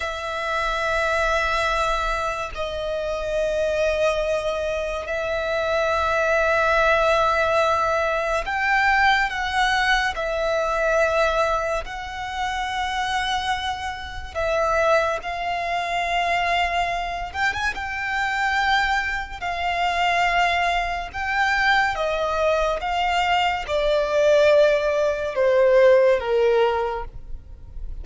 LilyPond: \new Staff \with { instrumentName = "violin" } { \time 4/4 \tempo 4 = 71 e''2. dis''4~ | dis''2 e''2~ | e''2 g''4 fis''4 | e''2 fis''2~ |
fis''4 e''4 f''2~ | f''8 g''16 gis''16 g''2 f''4~ | f''4 g''4 dis''4 f''4 | d''2 c''4 ais'4 | }